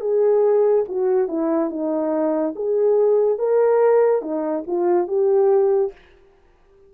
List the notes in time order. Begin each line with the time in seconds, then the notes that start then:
0.00 G#4
0.88 F#4
1.28 E4
1.70 D#4
2.55 G#4
3.38 A#4
4.21 D#4
4.67 F4
5.07 G4